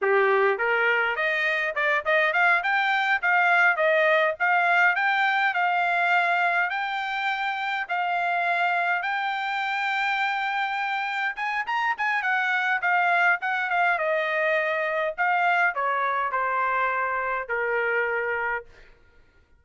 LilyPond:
\new Staff \with { instrumentName = "trumpet" } { \time 4/4 \tempo 4 = 103 g'4 ais'4 dis''4 d''8 dis''8 | f''8 g''4 f''4 dis''4 f''8~ | f''8 g''4 f''2 g''8~ | g''4. f''2 g''8~ |
g''2.~ g''8 gis''8 | ais''8 gis''8 fis''4 f''4 fis''8 f''8 | dis''2 f''4 cis''4 | c''2 ais'2 | }